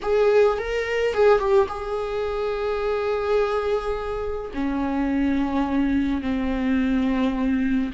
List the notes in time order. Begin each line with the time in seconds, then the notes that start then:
0.02 G#4
0.58 A#4
1.13 G#4
1.38 G4
1.68 G#4
4.54 C#4
6.21 C4